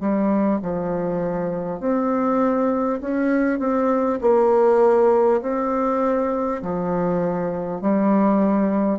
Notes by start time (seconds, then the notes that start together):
0.00 G3
0.62 F3
1.81 C4
3.01 C#4
3.59 C4
4.22 A#3
5.42 C4
6.62 F3
7.81 G3